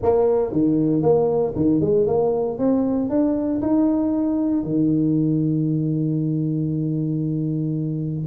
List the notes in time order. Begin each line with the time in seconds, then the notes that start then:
0.02 A#3
0.52 D#3
1.02 A#3
1.55 D#3
1.81 G#3
2.06 A#3
2.58 C4
3.09 D4
3.61 D#4
4.63 D#3